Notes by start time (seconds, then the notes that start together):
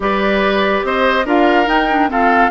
0.00 G3 G4 B4 D5
0.83 C4 C5 D#5
1.25 D4 F4 A#4 F5
1.65 D#4 G5
1.90 D4
2.08 C4 F4 A4 F5